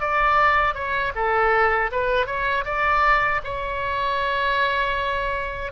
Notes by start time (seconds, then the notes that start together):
0.00 D5
0.75 C#5
1.15 A4
1.92 B4
2.26 C#5
2.65 D5
3.44 C#5